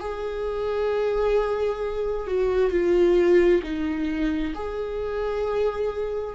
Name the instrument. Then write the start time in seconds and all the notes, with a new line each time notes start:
viola
0.00 G#4
2.27 F#4
2.71 F4
3.63 D#4
4.55 G#4